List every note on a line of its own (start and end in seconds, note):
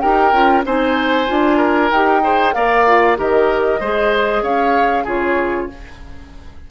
0.00 0.32 D#4
0.00 0.33 G4
0.00 0.65 A#4
0.00 0.63 G5
0.32 0.64 C#4
0.32 0.65 F4
0.65 1.29 C4
0.65 1.27 D#4
0.65 1.57 C5
0.65 1.92 G#5
1.27 1.91 D4
1.27 1.90 F4
1.57 2.20 A#4
1.91 2.54 D#4
1.91 2.23 G4
1.91 2.54 G5
2.23 2.53 G#4
2.23 2.55 C5
2.53 3.18 A#3
2.53 2.85 A#4
2.53 3.18 D5
2.53 3.17 F5
2.87 3.16 F4
3.16 3.80 D#3
3.16 3.79 G4
3.16 3.80 A#4
3.16 4.43 D#5
3.80 4.42 G#3
3.80 5.06 G#4
3.80 4.43 C5
4.42 5.05 C#4
4.42 5.04 C#5
4.42 5.06 F5
5.04 5.69 C#3
5.04 5.69 F4
5.04 5.67 G#4
5.04 5.71 C#5